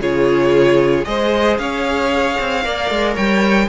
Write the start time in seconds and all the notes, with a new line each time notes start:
0.00 C#3 F4 G#4 C#5
1.04 G#3 G#4 C5 D#5
1.58 C#4 C#5 F5
2.39 C4
2.63 A#3 A#4 D5
2.90 G#3
3.14 G3 C#5 G5